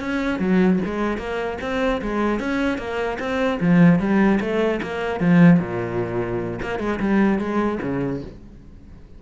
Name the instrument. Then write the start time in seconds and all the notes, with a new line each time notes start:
cello
0.00 C#4
0.39 F#3
0.85 G#3
1.17 A#3
1.61 C4
2.02 G#3
2.39 C#4
2.78 A#3
3.19 C4
3.60 F3
3.99 G3
4.40 A3
4.82 A#3
5.20 F3
5.60 A#2
6.62 A#3
6.79 G#3
7.00 G3
7.39 G#3
7.82 C#3